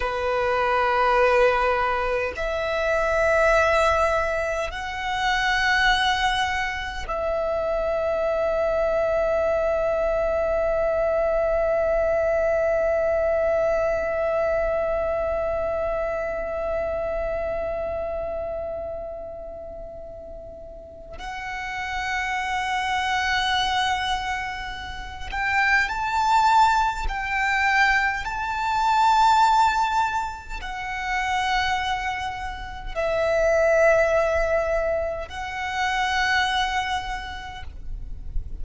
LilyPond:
\new Staff \with { instrumentName = "violin" } { \time 4/4 \tempo 4 = 51 b'2 e''2 | fis''2 e''2~ | e''1~ | e''1~ |
e''2 fis''2~ | fis''4. g''8 a''4 g''4 | a''2 fis''2 | e''2 fis''2 | }